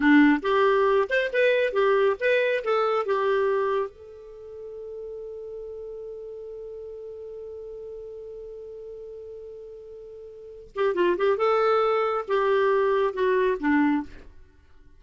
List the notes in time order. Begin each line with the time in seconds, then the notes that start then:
0.00 D4
0.42 G4
1.09 C5
1.33 B4
1.72 G4
2.20 B4
2.64 A4
3.05 G4
3.90 A4
10.75 G4
10.94 F4
11.17 G4
11.37 A4
12.28 G4
13.13 F#4
13.59 D4